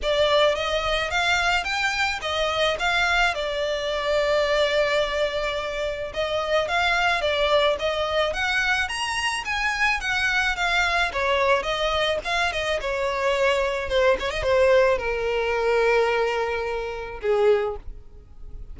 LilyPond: \new Staff \with { instrumentName = "violin" } { \time 4/4 \tempo 4 = 108 d''4 dis''4 f''4 g''4 | dis''4 f''4 d''2~ | d''2. dis''4 | f''4 d''4 dis''4 fis''4 |
ais''4 gis''4 fis''4 f''4 | cis''4 dis''4 f''8 dis''8 cis''4~ | cis''4 c''8 cis''16 dis''16 c''4 ais'4~ | ais'2. gis'4 | }